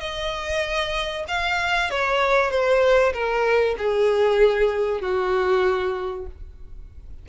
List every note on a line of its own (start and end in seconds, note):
0.00 1.25 D#5
1.28 1.90 F5
1.90 2.51 C#5
2.51 3.13 C5
3.13 3.76 A#4
3.78 5.01 G#4
5.01 6.26 F#4